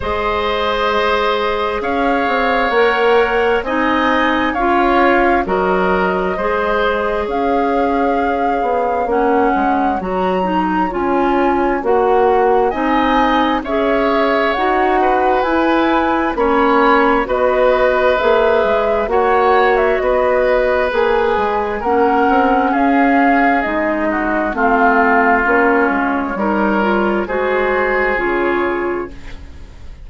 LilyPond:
<<
  \new Staff \with { instrumentName = "flute" } { \time 4/4 \tempo 4 = 66 dis''2 f''4 fis''4 | gis''4 f''4 dis''2 | f''2 fis''4 ais''4 | gis''4 fis''4 gis''4 e''4 |
fis''4 gis''4 b''4 dis''4 | e''4 fis''8. e''16 dis''4 gis''4 | fis''4 f''4 dis''4 f''4 | cis''2 c''4 cis''4 | }
  \new Staff \with { instrumentName = "oboe" } { \time 4/4 c''2 cis''2 | dis''4 cis''4 ais'4 c''4 | cis''1~ | cis''2 dis''4 cis''4~ |
cis''8 b'4. cis''4 b'4~ | b'4 cis''4 b'2 | ais'4 gis'4. fis'8 f'4~ | f'4 ais'4 gis'2 | }
  \new Staff \with { instrumentName = "clarinet" } { \time 4/4 gis'2. ais'4 | dis'4 f'4 fis'4 gis'4~ | gis'2 cis'4 fis'8 dis'8 | f'4 fis'4 dis'4 gis'4 |
fis'4 e'4 cis'4 fis'4 | gis'4 fis'2 gis'4 | cis'2 dis'4 c'4 | cis'4 dis'8 f'8 fis'4 f'4 | }
  \new Staff \with { instrumentName = "bassoon" } { \time 4/4 gis2 cis'8 c'8 ais4 | c'4 cis'4 fis4 gis4 | cis'4. b8 ais8 gis8 fis4 | cis'4 ais4 c'4 cis'4 |
dis'4 e'4 ais4 b4 | ais8 gis8 ais4 b4 ais8 gis8 | ais8 c'8 cis'4 gis4 a4 | ais8 gis8 g4 gis4 cis4 | }
>>